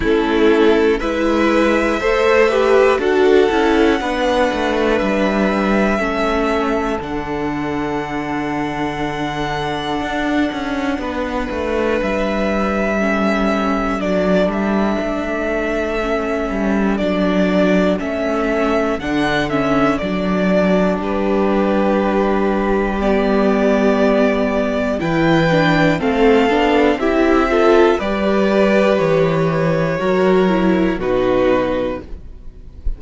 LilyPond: <<
  \new Staff \with { instrumentName = "violin" } { \time 4/4 \tempo 4 = 60 a'4 e''2 fis''4~ | fis''4 e''2 fis''4~ | fis''1 | e''2 d''8 e''4.~ |
e''4 d''4 e''4 fis''8 e''8 | d''4 b'2 d''4~ | d''4 g''4 f''4 e''4 | d''4 cis''2 b'4 | }
  \new Staff \with { instrumentName = "violin" } { \time 4/4 e'4 b'4 c''8 b'8 a'4 | b'2 a'2~ | a'2. b'4~ | b'4 a'2.~ |
a'1~ | a'4 g'2.~ | g'4 b'4 a'4 g'8 a'8 | b'2 ais'4 fis'4 | }
  \new Staff \with { instrumentName = "viola" } { \time 4/4 cis'4 e'4 a'8 g'8 fis'8 e'8 | d'2 cis'4 d'4~ | d'1~ | d'4 cis'4 d'2 |
cis'4 d'4 cis'4 d'8 cis'8 | d'2. b4~ | b4 e'8 d'8 c'8 d'8 e'8 f'8 | g'2 fis'8 e'8 dis'4 | }
  \new Staff \with { instrumentName = "cello" } { \time 4/4 a4 gis4 a4 d'8 cis'8 | b8 a8 g4 a4 d4~ | d2 d'8 cis'8 b8 a8 | g2 fis8 g8 a4~ |
a8 g8 fis4 a4 d4 | fis4 g2.~ | g4 e4 a8 b8 c'4 | g4 e4 fis4 b,4 | }
>>